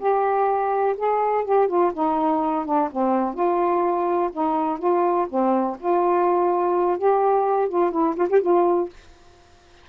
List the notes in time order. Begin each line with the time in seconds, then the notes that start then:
0.00 G4
0.98 G#4
1.45 G4
1.68 F4
1.94 D#4
2.66 D4
2.92 C4
3.35 F4
4.33 D#4
4.79 F4
5.30 C4
5.80 F4
6.99 G4
7.69 F4
7.92 E4
8.16 F4
8.30 G4
8.42 F4